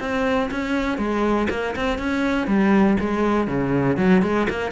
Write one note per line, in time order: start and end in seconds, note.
0.00 0.50 C4
0.51 0.98 C#4
0.98 1.48 G#3
1.50 1.75 A#3
1.76 1.98 C4
1.98 2.47 C#4
2.47 2.97 G3
3.00 3.47 G#3
3.47 3.97 C#3
3.97 4.22 F#3
4.22 4.47 G#3
4.50 4.72 A#3